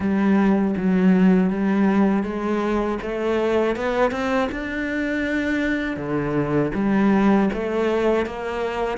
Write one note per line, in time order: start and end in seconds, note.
0.00 0.74 G3
0.76 1.50 F#3
1.50 2.23 G3
2.23 2.98 G#3
3.01 3.76 A3
3.76 4.11 B3
4.11 4.48 C4
4.51 5.96 D4
5.96 6.71 D3
6.74 7.49 G3
7.53 8.26 A3
8.26 8.97 A#3